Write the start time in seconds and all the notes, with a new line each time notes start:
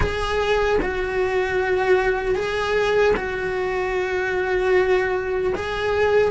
0.00 G#4
0.82 F#4
2.35 G#4
3.16 F#4
5.55 G#4